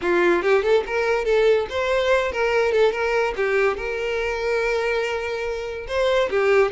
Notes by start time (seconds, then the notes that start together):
0.01 F4
0.42 G4
0.62 A4
0.86 A#4
1.25 A4
1.69 C5
2.32 A#4
2.71 A4
2.92 A#4
3.36 G4
3.76 A#4
5.87 C5
6.30 G4